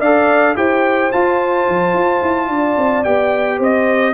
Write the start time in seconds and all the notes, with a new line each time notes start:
0.00 D4 A4 D5 F5
0.55 E4 G4 C5 G5
1.12 F4 A5
1.69 F3
1.94 F4
2.22 E4
2.49 D4 D5
2.77 C4
3.04 B3 G4 G5
3.58 C4 C5 D#5